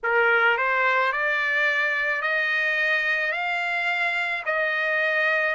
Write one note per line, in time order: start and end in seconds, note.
0.03 0.57 A#4
0.57 1.12 C5
1.12 2.22 D5
2.22 3.32 D#5
3.32 4.43 F5
4.45 5.55 D#5